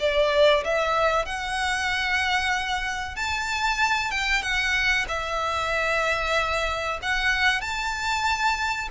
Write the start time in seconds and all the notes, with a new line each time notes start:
0.00 D5
0.64 E5
1.26 F#5
3.16 A5
4.11 G5
4.42 F#5
5.09 E5
7.02 F#5
7.61 A5